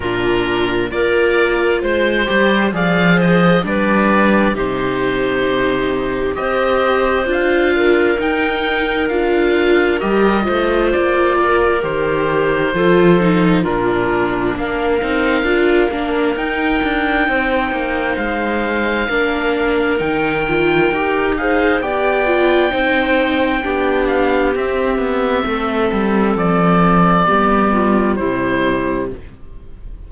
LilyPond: <<
  \new Staff \with { instrumentName = "oboe" } { \time 4/4 \tempo 4 = 66 ais'4 d''4 c''4 f''8 dis''8 | d''4 c''2 dis''4 | f''4 g''4 f''4 dis''4 | d''4 c''2 ais'4 |
f''2 g''2 | f''2 g''4. f''8 | g''2~ g''8 f''8 e''4~ | e''4 d''2 c''4 | }
  \new Staff \with { instrumentName = "clarinet" } { \time 4/4 f'4 ais'4 c''4 d''8 c''8 | b'4 g'2 c''4~ | c''8 ais'2. c''8~ | c''8 ais'4. a'4 f'4 |
ais'2. c''4~ | c''4 ais'2~ ais'8 c''8 | d''4 c''4 g'2 | a'2 g'8 f'8 e'4 | }
  \new Staff \with { instrumentName = "viola" } { \time 4/4 d'4 f'4. g'8 gis'4 | d'4 dis'2 g'4 | f'4 dis'4 f'4 g'8 f'8~ | f'4 g'4 f'8 dis'8 d'4~ |
d'8 dis'8 f'8 d'8 dis'2~ | dis'4 d'4 dis'8 f'8 g'8 gis'8 | g'8 f'8 dis'4 d'4 c'4~ | c'2 b4 g4 | }
  \new Staff \with { instrumentName = "cello" } { \time 4/4 ais,4 ais4 gis8 g8 f4 | g4 c2 c'4 | d'4 dis'4 d'4 g8 a8 | ais4 dis4 f4 ais,4 |
ais8 c'8 d'8 ais8 dis'8 d'8 c'8 ais8 | gis4 ais4 dis4 dis'4 | b4 c'4 b4 c'8 b8 | a8 g8 f4 g4 c4 | }
>>